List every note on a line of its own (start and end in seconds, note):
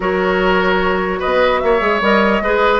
0.00 1.20 F#3
0.00 1.80 F#4
0.00 1.19 A#4
0.00 1.20 C#5
1.19 1.62 B3
1.19 1.59 B4
1.19 1.60 D#5
1.60 1.80 A#3
1.60 2.43 C#5
1.60 2.00 E5
1.80 2.00 G#3
1.80 2.00 G#4
2.00 2.41 G3
2.00 2.41 A#4
2.00 2.80 D#5
2.41 2.80 G#3
2.41 2.80 G#4
2.41 2.80 B4